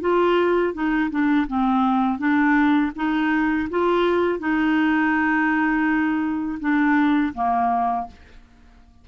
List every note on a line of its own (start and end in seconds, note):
0.00 0.73 F4
0.73 1.10 D#4
1.10 1.47 D4
1.47 2.18 C4
2.18 2.91 D4
2.95 3.69 D#4
3.70 4.39 F4
4.39 6.59 D#4
6.60 7.33 D4
7.34 8.07 A#3